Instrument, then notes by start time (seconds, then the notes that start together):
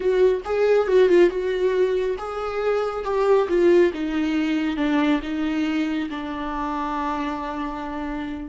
viola
0.00 F#4
0.44 G#4
0.87 F#4
1.08 F4
1.29 F#4
2.18 G#4
3.04 G4
3.48 F4
3.93 D#4
4.76 D4
5.22 D#4
6.09 D4